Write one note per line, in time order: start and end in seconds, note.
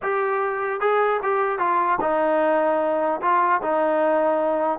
0.02 0.80 G4
0.80 1.20 G#4
1.23 1.58 G4
1.58 1.98 F4
2.00 3.20 D#4
3.21 3.61 F4
3.62 4.79 D#4